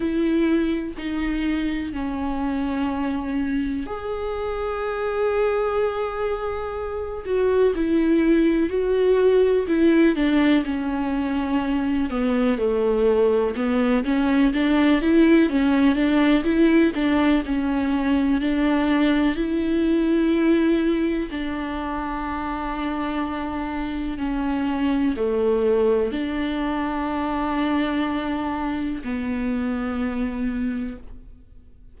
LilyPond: \new Staff \with { instrumentName = "viola" } { \time 4/4 \tempo 4 = 62 e'4 dis'4 cis'2 | gis'2.~ gis'8 fis'8 | e'4 fis'4 e'8 d'8 cis'4~ | cis'8 b8 a4 b8 cis'8 d'8 e'8 |
cis'8 d'8 e'8 d'8 cis'4 d'4 | e'2 d'2~ | d'4 cis'4 a4 d'4~ | d'2 b2 | }